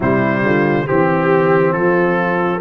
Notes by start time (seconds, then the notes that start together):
0.00 C3 G3 E4 C5
0.41 D3 F4
0.86 E3 C4 G4
1.71 F3 F4 A4